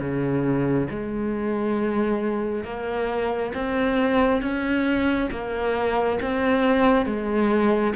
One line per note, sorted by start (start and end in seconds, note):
0.00 0.88 C#3
0.90 2.65 G#3
2.65 3.53 A#3
3.55 4.42 C4
4.42 5.30 C#4
5.31 6.19 A#3
6.22 7.06 C4
7.06 7.94 G#3